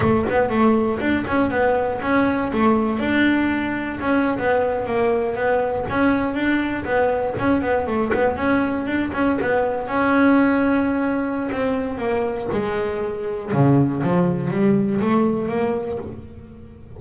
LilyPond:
\new Staff \with { instrumentName = "double bass" } { \time 4/4 \tempo 4 = 120 a8 b8 a4 d'8 cis'8 b4 | cis'4 a4 d'2 | cis'8. b4 ais4 b4 cis'16~ | cis'8. d'4 b4 cis'8 b8 a16~ |
a16 b8 cis'4 d'8 cis'8 b4 cis'16~ | cis'2. c'4 | ais4 gis2 cis4 | f4 g4 a4 ais4 | }